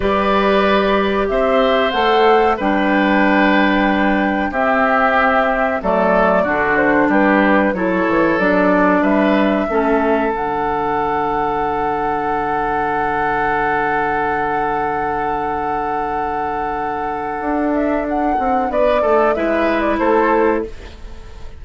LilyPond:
<<
  \new Staff \with { instrumentName = "flute" } { \time 4/4 \tempo 4 = 93 d''2 e''4 fis''4 | g''2. e''4~ | e''4 d''4. c''8 b'4 | cis''4 d''4 e''2 |
fis''1~ | fis''1~ | fis''2.~ fis''8 e''8 | fis''4 d''4 e''8. d''16 c''4 | }
  \new Staff \with { instrumentName = "oboe" } { \time 4/4 b'2 c''2 | b'2. g'4~ | g'4 a'4 fis'4 g'4 | a'2 b'4 a'4~ |
a'1~ | a'1~ | a'1~ | a'4 b'8 a'8 b'4 a'4 | }
  \new Staff \with { instrumentName = "clarinet" } { \time 4/4 g'2. a'4 | d'2. c'4~ | c'4 a4 d'2 | e'4 d'2 cis'4 |
d'1~ | d'1~ | d'1~ | d'2 e'2 | }
  \new Staff \with { instrumentName = "bassoon" } { \time 4/4 g2 c'4 a4 | g2. c'4~ | c'4 fis4 d4 g4 | fis8 e8 fis4 g4 a4 |
d1~ | d1~ | d2. d'4~ | d'8 c'8 b8 a8 gis4 a4 | }
>>